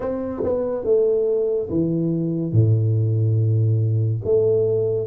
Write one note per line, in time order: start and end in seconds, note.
0.00 0.42 C4
0.43 0.84 B3
0.84 1.69 A3
1.69 2.52 E3
2.52 4.21 A2
4.24 5.06 A3